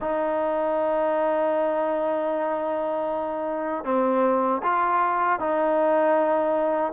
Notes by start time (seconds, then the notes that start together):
0.00 D#4
3.84 C4
4.62 F4
5.39 D#4